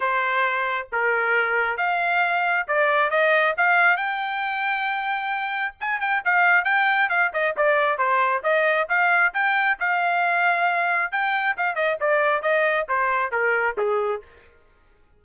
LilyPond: \new Staff \with { instrumentName = "trumpet" } { \time 4/4 \tempo 4 = 135 c''2 ais'2 | f''2 d''4 dis''4 | f''4 g''2.~ | g''4 gis''8 g''8 f''4 g''4 |
f''8 dis''8 d''4 c''4 dis''4 | f''4 g''4 f''2~ | f''4 g''4 f''8 dis''8 d''4 | dis''4 c''4 ais'4 gis'4 | }